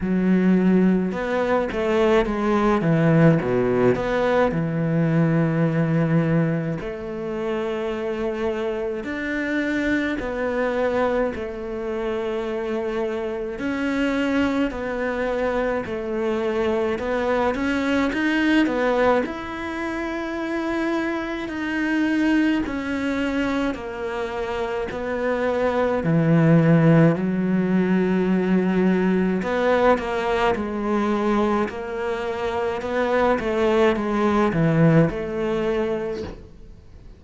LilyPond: \new Staff \with { instrumentName = "cello" } { \time 4/4 \tempo 4 = 53 fis4 b8 a8 gis8 e8 b,8 b8 | e2 a2 | d'4 b4 a2 | cis'4 b4 a4 b8 cis'8 |
dis'8 b8 e'2 dis'4 | cis'4 ais4 b4 e4 | fis2 b8 ais8 gis4 | ais4 b8 a8 gis8 e8 a4 | }